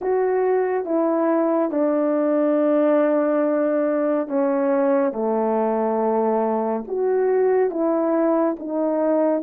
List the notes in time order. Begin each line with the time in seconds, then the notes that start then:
0.01 F#4
0.85 E4
1.70 D4
4.27 C#4
5.12 A3
6.87 F#4
7.70 E4
8.59 D#4